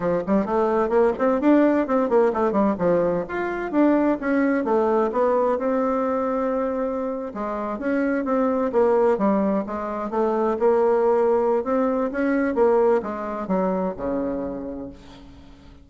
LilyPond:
\new Staff \with { instrumentName = "bassoon" } { \time 4/4 \tempo 4 = 129 f8 g8 a4 ais8 c'8 d'4 | c'8 ais8 a8 g8 f4 f'4 | d'4 cis'4 a4 b4 | c'2.~ c'8. gis16~ |
gis8. cis'4 c'4 ais4 g16~ | g8. gis4 a4 ais4~ ais16~ | ais4 c'4 cis'4 ais4 | gis4 fis4 cis2 | }